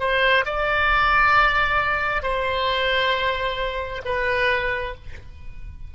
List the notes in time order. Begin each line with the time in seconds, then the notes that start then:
0.00 C5
0.46 D5
2.23 C5
4.05 B4